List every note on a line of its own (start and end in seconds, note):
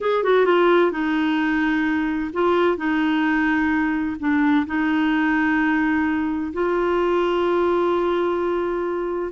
0.01 0.23 G#4
0.23 0.45 F#4
0.45 0.91 F4
0.91 2.31 D#4
2.33 2.77 F4
2.77 4.16 D#4
4.19 4.66 D4
4.66 6.52 D#4
6.53 9.31 F4